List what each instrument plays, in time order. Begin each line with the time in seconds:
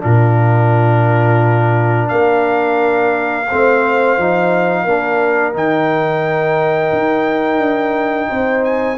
0.00 tuba A#2, trombone D4, horn F4, trumpet A#4
2.09 tuba A#3, horn A#4, trumpet F5
3.48 tuba A3, trombone C4, horn C5
4.18 tuba F3, trombone D#4
4.84 tuba A#3, trombone D4, horn A#4
5.53 tuba D#3, trombone D#4, trumpet G5
6.93 tuba D#4
7.59 tuba D4
8.29 tuba C4, horn C5
8.65 trumpet G#5